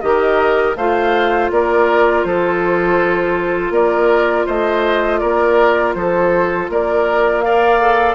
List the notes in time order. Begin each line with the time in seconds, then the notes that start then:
0.00 D#3 G4 A#4 D#5
0.76 A3 F4 C5 F5
1.50 A#3 A#4 D5
2.23 F3 A4 C5
3.70 A#3 A#4 D5
4.46 A3 C5 D#5
5.18 A#3 A#4 D5
5.94 F3 A4 C5
6.69 A#3 A#4 D5
7.41 A#4 D5 F5
7.80 A4